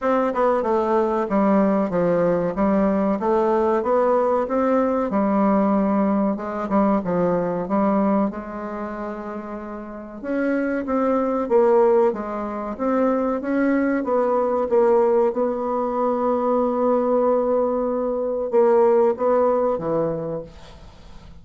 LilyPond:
\new Staff \with { instrumentName = "bassoon" } { \time 4/4 \tempo 4 = 94 c'8 b8 a4 g4 f4 | g4 a4 b4 c'4 | g2 gis8 g8 f4 | g4 gis2. |
cis'4 c'4 ais4 gis4 | c'4 cis'4 b4 ais4 | b1~ | b4 ais4 b4 e4 | }